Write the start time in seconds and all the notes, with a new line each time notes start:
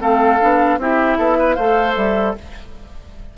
0.00 A3 C4 A4 F5
0.41 B3 D4
0.78 C4 E4 G4 E5
1.18 B3 A4
1.39 B4
1.54 A3 A4 C5 F5
1.96 G3 E5